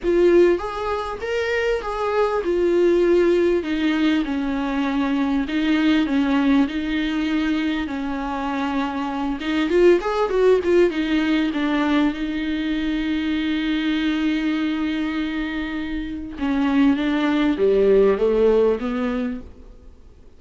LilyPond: \new Staff \with { instrumentName = "viola" } { \time 4/4 \tempo 4 = 99 f'4 gis'4 ais'4 gis'4 | f'2 dis'4 cis'4~ | cis'4 dis'4 cis'4 dis'4~ | dis'4 cis'2~ cis'8 dis'8 |
f'8 gis'8 fis'8 f'8 dis'4 d'4 | dis'1~ | dis'2. cis'4 | d'4 g4 a4 b4 | }